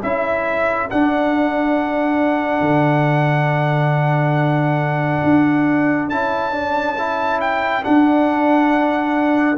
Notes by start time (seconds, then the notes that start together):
0.00 C#4 E4 A4 E5
0.90 D4 F#5
2.61 D3
5.24 D4
6.09 C#4 E4 A5
6.52 D4
6.98 E4
7.41 G5
7.82 D4 F#5